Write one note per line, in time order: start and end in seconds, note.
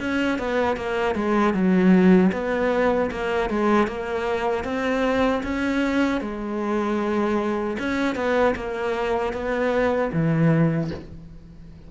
0.00 0.38 C#4
0.38 0.77 B3
0.77 1.15 A#3
1.15 1.54 G#3
1.54 2.32 F#3
2.32 3.10 B3
3.11 3.50 A#3
3.50 3.87 G#3
3.87 4.64 A#3
4.64 5.42 C4
5.43 6.21 C#4
6.21 7.77 G#3
7.79 8.15 C#4
8.15 8.54 B3
8.55 9.33 A#3
9.33 10.11 B3
10.13 10.91 E3